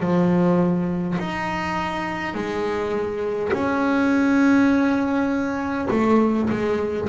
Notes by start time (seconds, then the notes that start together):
0.00 F3
1.19 D#4
2.34 G#3
3.53 C#4
5.90 A3
6.50 G#3